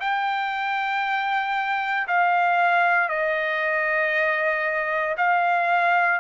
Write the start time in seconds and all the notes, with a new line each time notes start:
0.00 G5
2.07 F5
3.09 D#5
5.17 F5